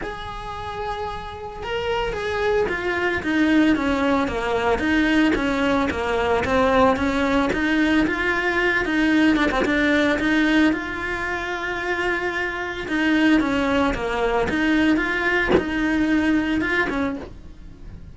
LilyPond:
\new Staff \with { instrumentName = "cello" } { \time 4/4 \tempo 4 = 112 gis'2. ais'4 | gis'4 f'4 dis'4 cis'4 | ais4 dis'4 cis'4 ais4 | c'4 cis'4 dis'4 f'4~ |
f'8 dis'4 d'16 c'16 d'4 dis'4 | f'1 | dis'4 cis'4 ais4 dis'4 | f'4 dis'2 f'8 cis'8 | }